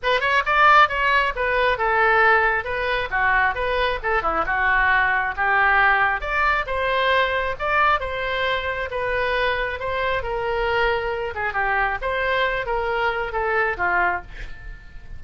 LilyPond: \new Staff \with { instrumentName = "oboe" } { \time 4/4 \tempo 4 = 135 b'8 cis''8 d''4 cis''4 b'4 | a'2 b'4 fis'4 | b'4 a'8 e'8 fis'2 | g'2 d''4 c''4~ |
c''4 d''4 c''2 | b'2 c''4 ais'4~ | ais'4. gis'8 g'4 c''4~ | c''8 ais'4. a'4 f'4 | }